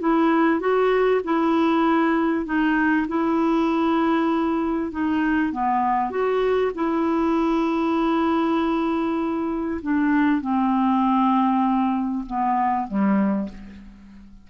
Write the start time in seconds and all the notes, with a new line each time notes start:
0.00 E4
0.60 F#4
1.24 E4
2.45 D#4
3.08 E4
4.91 D#4
5.52 B3
6.10 F#4
6.75 E4
9.82 D4
10.41 C4
12.26 B3
12.88 G3